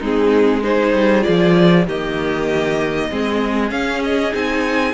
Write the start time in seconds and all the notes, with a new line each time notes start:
0.00 G#3 C4 D#4 G#4
0.62 D#4 G#4 C5
0.93 G3
1.21 F4 D5
1.28 F3
1.86 D#3 A#3 G4 D#5
3.10 G#3 C4 G#4
3.69 C#4 F5
4.03 D#5
4.32 C4 D#4 G#5